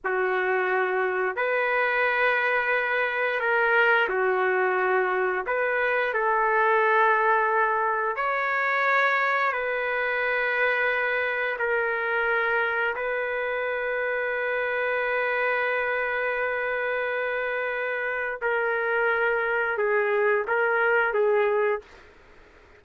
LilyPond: \new Staff \with { instrumentName = "trumpet" } { \time 4/4 \tempo 4 = 88 fis'2 b'2~ | b'4 ais'4 fis'2 | b'4 a'2. | cis''2 b'2~ |
b'4 ais'2 b'4~ | b'1~ | b'2. ais'4~ | ais'4 gis'4 ais'4 gis'4 | }